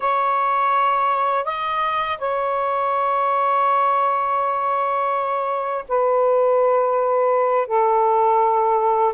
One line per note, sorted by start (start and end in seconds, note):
0.00 1.45 C#5
1.45 2.18 D#5
2.18 5.84 C#5
5.88 7.67 B4
7.67 9.13 A4